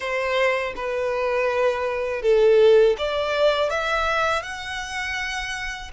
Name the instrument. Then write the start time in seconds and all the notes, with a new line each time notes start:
violin
0.00 C5
0.76 B4
2.22 A4
2.98 D5
3.69 E5
4.42 F#5